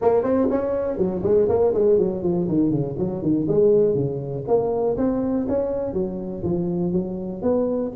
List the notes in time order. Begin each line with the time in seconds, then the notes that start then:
0.01 A#3
0.23 C4
0.50 C#4
0.97 F#3
1.23 G#3
1.49 A#3
1.74 G#3
1.98 F#3
2.22 F3
2.48 D#3
2.70 C#3
2.98 F#3
3.22 D#3
3.47 G#3
3.94 C#3
4.47 A#3
4.97 C4
5.48 C#4
5.93 F#3
6.43 F3
6.92 F#3
7.41 B3